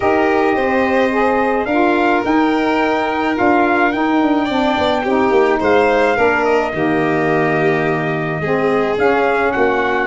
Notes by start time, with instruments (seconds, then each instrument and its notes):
0.00 tuba D#4, saxophone G4, violin A#4, trumpet D#5
0.54 tuba C4, violin C5
1.11 saxophone G#4
1.65 tuba D4, saxophone F4, violin A#4, trumpet F5
2.24 saxophone D#4, tuba D#4, trumpet G5
3.34 tuba D4, saxophone F4, trumpet F5
3.92 saxophone D#4, tuba D#4, trumpet G5
4.22 tuba D4
4.44 tuba C4, saxophone D4, violin D5
4.78 tuba B3
5.03 tuba C4, saxophone D#4, violin G4
5.30 tuba A#3
5.59 tuba G#3, violin C5, trumpet F5
6.15 tuba A#3, saxophone D4, violin A#4
6.45 trumpet D#5
6.72 tuba D#3, saxophone A#3, violin G4
8.40 tuba G#3, saxophone C4, violin G#4
8.97 saxophone C#4, tuba C#4, trumpet F5
9.51 tuba A#3, violin F#4, trumpet F#5